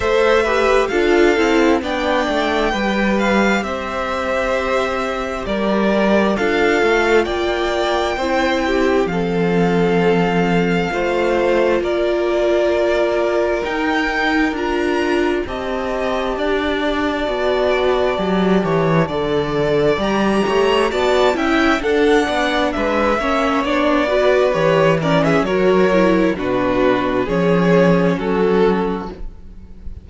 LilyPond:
<<
  \new Staff \with { instrumentName = "violin" } { \time 4/4 \tempo 4 = 66 e''4 f''4 g''4. f''8 | e''2 d''4 f''4 | g''2 f''2~ | f''4 d''2 g''4 |
ais''4 a''2.~ | a''2 ais''4 a''8 g''8 | fis''4 e''4 d''4 cis''8 d''16 e''16 | cis''4 b'4 cis''4 a'4 | }
  \new Staff \with { instrumentName = "violin" } { \time 4/4 c''8 b'8 a'4 d''4 b'4 | c''2 ais'4 a'4 | d''4 c''8 g'8 a'2 | c''4 ais'2.~ |
ais'4 dis''4 d''2~ | d''8 cis''8 d''4. cis''8 d''8 e''8 | a'8 d''8 b'8 cis''4 b'4 ais'16 gis'16 | ais'4 fis'4 gis'4 fis'4 | }
  \new Staff \with { instrumentName = "viola" } { \time 4/4 a'8 g'8 f'8 e'8 d'4 g'4~ | g'2. f'4~ | f'4 e'4 c'2 | f'2. dis'4 |
f'4 g'2 fis'4 | g'4 a'4 g'4 fis'8 e'8 | d'4. cis'8 d'8 fis'8 g'8 cis'8 | fis'8 e'8 d'4 cis'2 | }
  \new Staff \with { instrumentName = "cello" } { \time 4/4 a4 d'8 c'8 b8 a8 g4 | c'2 g4 d'8 a8 | ais4 c'4 f2 | a4 ais2 dis'4 |
d'4 c'4 d'4 b4 | fis8 e8 d4 g8 a8 b8 cis'8 | d'8 b8 gis8 ais8 b4 e4 | fis4 b,4 f4 fis4 | }
>>